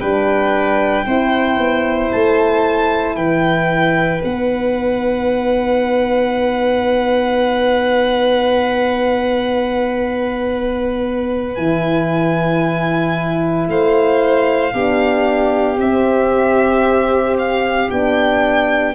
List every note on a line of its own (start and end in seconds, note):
0.00 1.05 G3
0.00 1.07 D4
0.00 1.05 B4
0.00 2.11 G5
1.06 1.57 C4
1.06 4.23 E4
1.06 3.16 C5
1.57 2.10 B3
2.12 3.16 A3
2.12 3.16 A5
3.16 4.21 E3
3.16 13.70 B4
3.16 4.21 G5
4.23 11.58 B3
4.23 11.57 D#4
4.23 11.55 F#5
11.55 13.68 E3
11.55 14.73 E4
11.55 13.65 G#5
13.68 14.73 A3
13.68 14.73 C5
13.68 15.79 F5
14.73 15.78 B3
14.73 15.79 D4
14.73 18.94 G4
15.78 17.88 C4
15.78 17.91 C4
15.78 17.37 E5
17.38 17.90 F5
17.90 18.95 B3
17.90 18.95 D4
17.90 18.95 G5